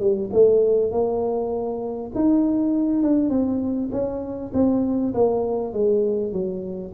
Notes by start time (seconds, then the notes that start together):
0.00 G3
0.32 A3
0.92 A#3
2.15 D#4
3.02 D4
3.29 C4
3.92 C#4
4.54 C4
5.14 A#3
5.73 G#3
6.32 F#3